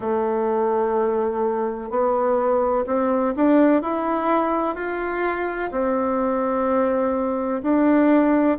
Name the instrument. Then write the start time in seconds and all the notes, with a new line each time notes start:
bassoon
0.00 A3
1.90 B3
2.86 C4
3.35 D4
3.82 E4
4.75 F4
5.71 C4
7.62 D4